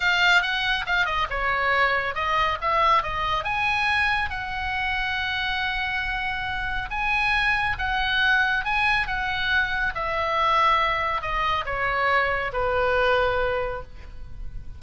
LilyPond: \new Staff \with { instrumentName = "oboe" } { \time 4/4 \tempo 4 = 139 f''4 fis''4 f''8 dis''8 cis''4~ | cis''4 dis''4 e''4 dis''4 | gis''2 fis''2~ | fis''1 |
gis''2 fis''2 | gis''4 fis''2 e''4~ | e''2 dis''4 cis''4~ | cis''4 b'2. | }